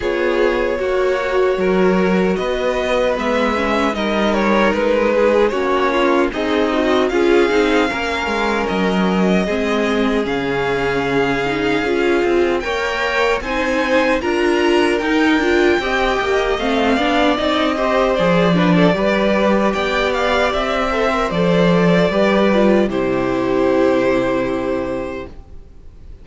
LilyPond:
<<
  \new Staff \with { instrumentName = "violin" } { \time 4/4 \tempo 4 = 76 cis''2. dis''4 | e''4 dis''8 cis''8 b'4 cis''4 | dis''4 f''2 dis''4~ | dis''4 f''2. |
g''4 gis''4 ais''4 g''4~ | g''4 f''4 dis''4 d''4~ | d''4 g''8 f''8 e''4 d''4~ | d''4 c''2. | }
  \new Staff \with { instrumentName = "violin" } { \time 4/4 gis'4 fis'4 ais'4 b'4~ | b'4 ais'4. gis'8 fis'8 f'8 | dis'4 gis'4 ais'2 | gis'1 |
cis''4 c''4 ais'2 | dis''4. d''4 c''4 b'16 a'16 | b'4 d''4. c''4. | b'4 g'2. | }
  \new Staff \with { instrumentName = "viola" } { \time 4/4 f'4 fis'2. | b8 cis'8 dis'2 cis'4 | gis'8 fis'8 f'8 dis'8 cis'2 | c'4 cis'4. dis'8 f'4 |
ais'4 dis'4 f'4 dis'8 f'8 | g'4 c'8 d'8 dis'8 g'8 gis'8 d'8 | g'2~ g'8 a'16 ais'16 a'4 | g'8 f'8 e'2. | }
  \new Staff \with { instrumentName = "cello" } { \time 4/4 b4 ais4 fis4 b4 | gis4 g4 gis4 ais4 | c'4 cis'8 c'8 ais8 gis8 fis4 | gis4 cis2 cis'8 c'8 |
ais4 c'4 d'4 dis'8 d'8 | c'8 ais8 a8 b8 c'4 f4 | g4 b4 c'4 f4 | g4 c2. | }
>>